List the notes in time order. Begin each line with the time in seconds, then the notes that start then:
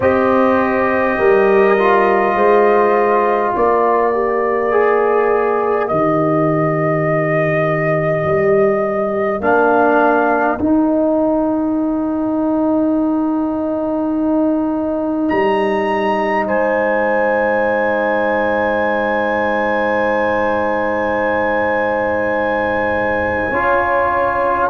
0.00 C4 G4 C5 D#5
1.18 G3 A#4
1.78 F4
2.34 G#3 C5
3.53 A#3 A#4 D5
4.13 G4
4.71 G#4
5.87 D#3 G4 D#5
8.24 G3
9.40 A#3 D4 F5
10.59 D#4 G5
15.28 G3 A#5
16.46 G#3 C5 G#5
23.50 C#4 F4 C#5